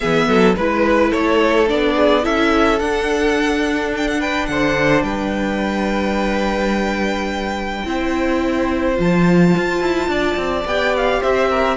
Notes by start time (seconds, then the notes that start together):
0.00 E3 B3 G#4 E5
0.27 F#3 A4
0.55 G#3 E4 B4
1.10 A3 A4 C#5
1.68 B3 D4 D5
1.96 G#4
2.23 C#4 E4 A4 E5
2.79 D4 F#5
3.96 G5
4.07 F#5
4.19 B4 G5
4.46 D3 C5 F#5
5.02 G3 B4 G5
7.85 C4 E4 C5
8.95 F3 F4 A5
9.57 F4
9.80 E4
10.07 D4 D5
10.36 C4
10.65 B3 G4 G5
10.96 F5
11.21 C4 C5 E5
11.49 A#4